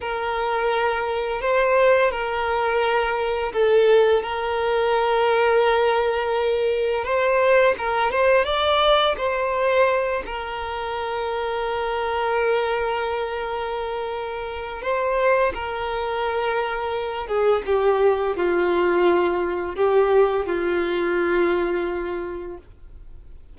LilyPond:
\new Staff \with { instrumentName = "violin" } { \time 4/4 \tempo 4 = 85 ais'2 c''4 ais'4~ | ais'4 a'4 ais'2~ | ais'2 c''4 ais'8 c''8 | d''4 c''4. ais'4.~ |
ais'1~ | ais'4 c''4 ais'2~ | ais'8 gis'8 g'4 f'2 | g'4 f'2. | }